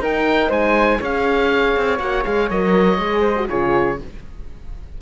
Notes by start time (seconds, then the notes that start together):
0.00 D#4 A#4 G5
0.49 G#3 C5 G#5
1.00 C#4 G#4 C#5 F5
1.77 C4
1.99 A#3 F#4 F#5
2.23 G#3 G#4 F5
2.50 F#3 A#4 D#5
2.98 G#3 G#4
3.21 C5
3.36 F#4
3.49 C#3 F4 G#4 C#5